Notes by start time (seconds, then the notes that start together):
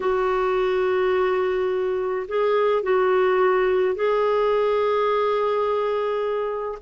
0.00 F#4
2.27 G#4
2.83 F#4
3.95 G#4